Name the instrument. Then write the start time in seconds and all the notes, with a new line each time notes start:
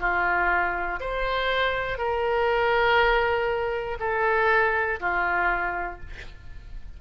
oboe
0.00 F4
1.00 C5
1.98 A#4
4.00 A4
5.00 F4